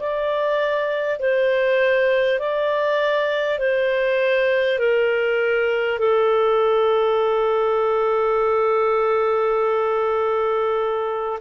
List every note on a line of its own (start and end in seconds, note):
0.00 1.19 D5
1.19 2.39 C5
2.39 3.59 D5
3.59 4.79 C5
4.79 5.99 A#4
5.99 11.39 A4